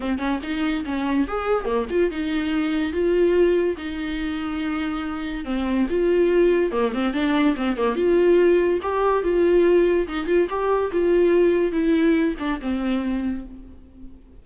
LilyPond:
\new Staff \with { instrumentName = "viola" } { \time 4/4 \tempo 4 = 143 c'8 cis'8 dis'4 cis'4 gis'4 | ais8 f'8 dis'2 f'4~ | f'4 dis'2.~ | dis'4 c'4 f'2 |
ais8 c'8 d'4 c'8 ais8 f'4~ | f'4 g'4 f'2 | dis'8 f'8 g'4 f'2 | e'4. d'8 c'2 | }